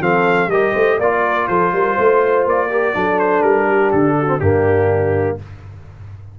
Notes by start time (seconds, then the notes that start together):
0.00 F3 C4 A4 F5
0.47 G3 G4 A#4 D#5
0.72 A3 C5
0.97 A#3 F4 D5
1.25 A#4
1.47 F3 A4 C5
1.72 G3 A#4
1.94 A3 C5
2.46 A#3 D5
2.69 G4 A#4
2.94 F#3 D4 A4
3.19 C5
3.42 G3 A#4
3.68 G4
3.91 D3 A4
4.18 F#4
4.26 C4
4.40 G2 A#3 D4 G4